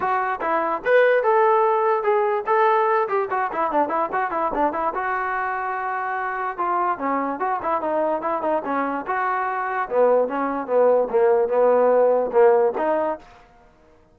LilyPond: \new Staff \with { instrumentName = "trombone" } { \time 4/4 \tempo 4 = 146 fis'4 e'4 b'4 a'4~ | a'4 gis'4 a'4. g'8 | fis'8 e'8 d'8 e'8 fis'8 e'8 d'8 e'8 | fis'1 |
f'4 cis'4 fis'8 e'8 dis'4 | e'8 dis'8 cis'4 fis'2 | b4 cis'4 b4 ais4 | b2 ais4 dis'4 | }